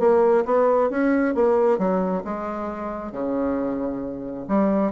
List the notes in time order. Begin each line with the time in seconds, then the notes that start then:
0.00 A#3
0.46 B3
0.90 C#4
1.35 A#3
1.79 F#3
2.25 G#3
3.12 C#3
4.49 G3